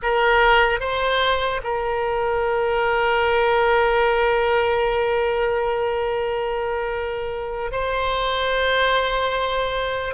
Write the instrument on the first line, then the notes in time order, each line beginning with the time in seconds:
oboe
0.02 A#4
0.80 C5
1.63 A#4
7.71 C5